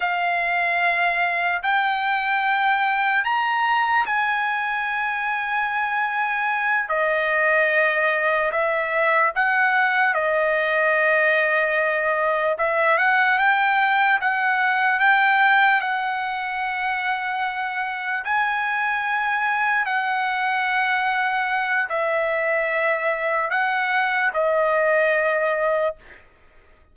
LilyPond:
\new Staff \with { instrumentName = "trumpet" } { \time 4/4 \tempo 4 = 74 f''2 g''2 | ais''4 gis''2.~ | gis''8 dis''2 e''4 fis''8~ | fis''8 dis''2. e''8 |
fis''8 g''4 fis''4 g''4 fis''8~ | fis''2~ fis''8 gis''4.~ | gis''8 fis''2~ fis''8 e''4~ | e''4 fis''4 dis''2 | }